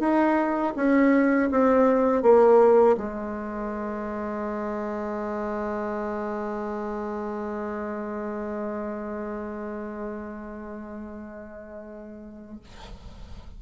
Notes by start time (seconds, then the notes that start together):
0.00 D#4
0.76 C#4
1.52 C4
2.23 A#3
2.98 G#3